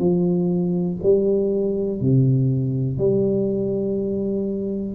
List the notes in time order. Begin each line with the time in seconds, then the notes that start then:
0.00 F3
1.03 G3
2.01 C3
2.99 G3